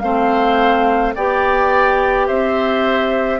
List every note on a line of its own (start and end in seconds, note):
0.00 1.15 A3
0.00 1.16 C4
0.00 1.15 C5
0.00 1.13 F5
1.15 2.29 B3
1.15 3.40 G4
1.15 2.28 D5
1.15 2.28 G5
2.28 3.40 C4
2.28 3.40 C5
2.28 3.40 E5